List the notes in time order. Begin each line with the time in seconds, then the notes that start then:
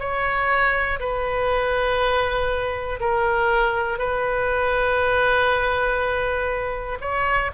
0.00 C#5
1.00 B4
3.00 A#4
3.99 B4
7.01 C#5